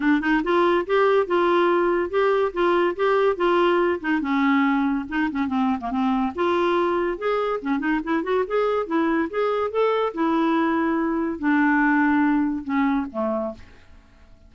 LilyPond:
\new Staff \with { instrumentName = "clarinet" } { \time 4/4 \tempo 4 = 142 d'8 dis'8 f'4 g'4 f'4~ | f'4 g'4 f'4 g'4 | f'4. dis'8 cis'2 | dis'8 cis'8 c'8. ais16 c'4 f'4~ |
f'4 gis'4 cis'8 dis'8 e'8 fis'8 | gis'4 e'4 gis'4 a'4 | e'2. d'4~ | d'2 cis'4 a4 | }